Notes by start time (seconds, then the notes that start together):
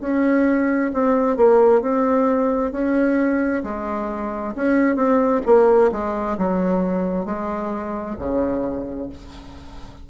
0.00 C#4
0.93 C4
1.36 A#3
1.81 C4
2.72 C#4
3.63 G#3
4.55 C#4
4.95 C4
5.45 A#3
5.91 G#3
6.38 F#3
7.25 G#3
8.18 C#3